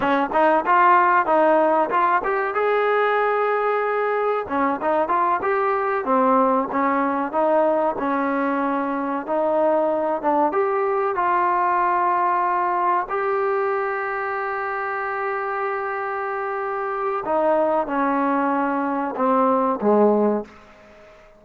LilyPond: \new Staff \with { instrumentName = "trombone" } { \time 4/4 \tempo 4 = 94 cis'8 dis'8 f'4 dis'4 f'8 g'8 | gis'2. cis'8 dis'8 | f'8 g'4 c'4 cis'4 dis'8~ | dis'8 cis'2 dis'4. |
d'8 g'4 f'2~ f'8~ | f'8 g'2.~ g'8~ | g'2. dis'4 | cis'2 c'4 gis4 | }